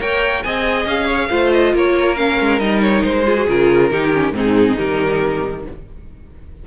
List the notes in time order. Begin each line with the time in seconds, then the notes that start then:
0.00 A#3 A#4 C#5 G5
0.43 C4 G#4 D#5 G#5
0.86 C#4 F5
1.06 C#5
1.30 A3 F4 C5
1.53 D#5
1.74 A#3 A#4 C#5
2.16 C#4 F5
2.40 G#3
2.60 G3 D#4 D#5
2.82 C#5
3.04 G#3 C5
3.25 F4 G#4
3.36 F#4
3.48 C#3 F4 A#4
3.91 D#3 D#4 G4
4.14 C#4
4.32 G#2 C4 D#4
4.38 G#4
4.78 D#3 G3 A#4